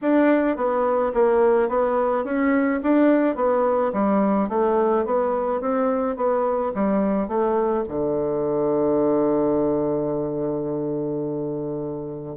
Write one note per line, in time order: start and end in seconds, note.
0.01 0.56 D4
0.56 1.12 B3
1.13 1.68 A#3
1.68 2.24 B3
2.24 2.80 C#4
2.82 3.35 D4
3.35 3.92 B3
3.92 4.48 G3
4.49 5.05 A3
5.05 5.60 B3
5.60 6.16 C4
6.16 6.72 B3
6.74 7.28 G3
7.28 7.84 A3
7.88 12.36 D3